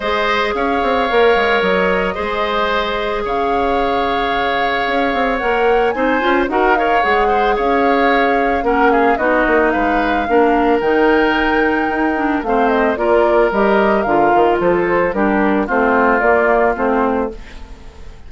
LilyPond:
<<
  \new Staff \with { instrumentName = "flute" } { \time 4/4 \tempo 4 = 111 dis''4 f''2 dis''4~ | dis''2 f''2~ | f''2 fis''4 gis''4 | fis''8 f''8 fis''4 f''2 |
fis''8 f''8 dis''4 f''2 | g''2. f''8 dis''8 | d''4 dis''4 f''4 c''4 | ais'4 c''4 d''4 c''4 | }
  \new Staff \with { instrumentName = "oboe" } { \time 4/4 c''4 cis''2. | c''2 cis''2~ | cis''2. c''4 | ais'8 cis''4 c''8 cis''2 |
ais'8 gis'8 fis'4 b'4 ais'4~ | ais'2. c''4 | ais'2. a'4 | g'4 f'2. | }
  \new Staff \with { instrumentName = "clarinet" } { \time 4/4 gis'2 ais'2 | gis'1~ | gis'2 ais'4 dis'8 f'8 | fis'8 ais'8 gis'2. |
cis'4 dis'2 d'4 | dis'2~ dis'8 d'8 c'4 | f'4 g'4 f'2 | d'4 c'4 ais4 c'4 | }
  \new Staff \with { instrumentName = "bassoon" } { \time 4/4 gis4 cis'8 c'8 ais8 gis8 fis4 | gis2 cis2~ | cis4 cis'8 c'8 ais4 c'8 cis'8 | dis'4 gis4 cis'2 |
ais4 b8 ais8 gis4 ais4 | dis2 dis'4 a4 | ais4 g4 d8 dis8 f4 | g4 a4 ais4 a4 | }
>>